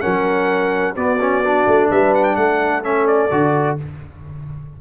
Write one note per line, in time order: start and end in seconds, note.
0.00 0.96 F#3
0.00 0.95 C#4
0.00 0.94 A#4
0.00 0.94 F#5
0.95 1.18 B3
0.95 1.66 B3
0.95 1.89 F#4
0.95 1.89 D5
1.20 1.43 C#4
1.44 2.83 D4
1.66 1.90 A3
1.89 2.36 G3
1.89 2.36 B4
1.89 2.13 E5
2.14 2.24 F#5
2.24 2.35 G5
2.35 3.29 A3
2.35 3.80 A4
2.35 2.82 F#5
2.83 3.29 C#4
2.83 3.07 E5
3.07 3.77 D5
3.31 3.78 D3
3.31 3.77 F#4